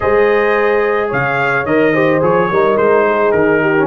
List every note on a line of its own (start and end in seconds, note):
0.00 1.12 G#3
0.00 1.64 G#4
0.00 1.08 C5
0.00 1.10 D#5
1.08 1.65 C#3
1.08 1.91 C#5
1.08 1.65 F5
1.65 2.21 D#3
1.65 1.94 A#4
1.65 2.21 D#5
1.92 2.21 G4
1.92 2.48 C5
2.21 2.50 F3
2.21 2.49 G#4
2.21 2.77 C#5
2.50 2.77 G3
2.50 3.77 D#4
2.50 3.06 A#4
2.77 3.33 G#3
2.77 3.31 C5
3.08 3.61 G#4
3.31 3.87 D#3
3.31 3.87 A#4
3.61 3.87 G4
3.77 3.87 C#4